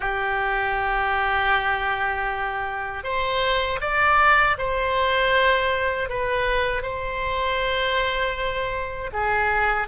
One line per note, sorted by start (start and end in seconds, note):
0.00 3.03 G4
3.03 3.79 C5
3.80 4.56 D5
4.57 6.09 C5
6.09 6.82 B4
6.82 9.10 C5
9.12 9.87 G#4